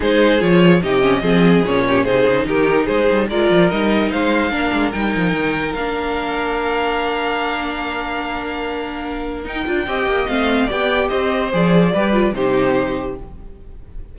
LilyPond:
<<
  \new Staff \with { instrumentName = "violin" } { \time 4/4 \tempo 4 = 146 c''4 cis''4 dis''2 | cis''4 c''4 ais'4 c''4 | d''4 dis''4 f''2 | g''2 f''2~ |
f''1~ | f''2. g''4~ | g''4 f''4 g''4 dis''4 | d''2 c''2 | }
  \new Staff \with { instrumentName = "violin" } { \time 4/4 gis'2 g'4 gis'4~ | gis'8 g'8 gis'4 g'4 gis'4 | ais'2 c''4 ais'4~ | ais'1~ |
ais'1~ | ais'1 | dis''2 d''4 c''4~ | c''4 b'4 g'2 | }
  \new Staff \with { instrumentName = "viola" } { \time 4/4 dis'4 f'4 dis'8 cis'8 c'4 | cis'4 dis'2. | f'4 dis'2 d'4 | dis'2 d'2~ |
d'1~ | d'2. dis'8 f'8 | g'4 c'4 g'2 | gis'4 g'8 f'8 dis'2 | }
  \new Staff \with { instrumentName = "cello" } { \time 4/4 gis4 f4 c4 f4 | ais,4 c8 cis8 dis4 gis8 g8 | gis8 f8 g4 gis4 ais8 gis8 | g8 f8 dis4 ais2~ |
ais1~ | ais2. dis'8 d'8 | c'8 ais8 a4 b4 c'4 | f4 g4 c2 | }
>>